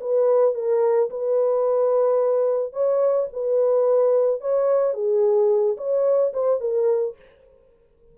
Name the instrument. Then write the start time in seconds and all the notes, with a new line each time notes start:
horn
0.00 B4
0.54 A#4
1.10 B4
2.72 C#5
3.32 B4
4.41 C#5
4.93 G#4
5.77 C#5
6.33 C5
6.60 A#4